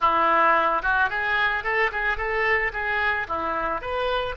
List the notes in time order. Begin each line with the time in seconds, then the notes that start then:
0.00 E4
0.82 F#4
1.09 G#4
1.63 A4
1.91 G#4
2.17 A4
2.72 G#4
3.28 E4
3.81 B4